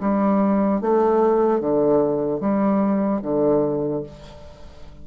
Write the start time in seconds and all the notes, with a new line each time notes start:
0.00 G3
0.80 A3
1.60 D3
2.40 G3
3.21 D3